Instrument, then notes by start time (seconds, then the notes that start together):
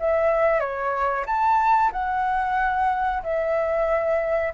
flute
0.00 E5
0.60 C#5
1.26 A5
1.92 F#5
3.23 E5